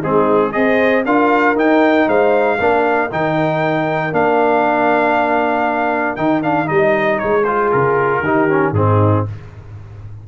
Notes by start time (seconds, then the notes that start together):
0.00 G#3 C4 D#4 G#4
0.52 C4 G#4 C5 D#5
1.05 D4 F4 A#4 F5
1.55 D#4 G5
2.07 G#3 C5 F5
2.58 A#3 D4 A#4
3.10 D#3 D#4 G5
4.12 A#3 D4 F5
6.16 D#3 D#4 G5
6.43 D4 F5
6.65 G3 D#4 D#5
7.19 G#3 C#5
7.44 F4 G#4 C5
7.71 C#3 A#4
8.21 D#3 D#4 G4
8.49 C#4
8.72 G#2 C4 D#4 G#4